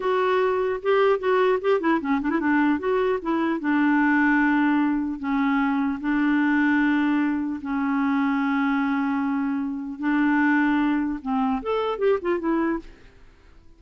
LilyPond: \new Staff \with { instrumentName = "clarinet" } { \time 4/4 \tempo 4 = 150 fis'2 g'4 fis'4 | g'8 e'8 cis'8 d'16 e'16 d'4 fis'4 | e'4 d'2.~ | d'4 cis'2 d'4~ |
d'2. cis'4~ | cis'1~ | cis'4 d'2. | c'4 a'4 g'8 f'8 e'4 | }